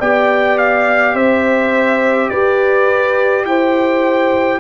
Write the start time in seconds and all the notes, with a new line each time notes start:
0.00 B3 G4 D5 G5
0.59 F5
1.14 C4 C5 E5
2.30 G4 B4 D5
3.46 E4 C5 G5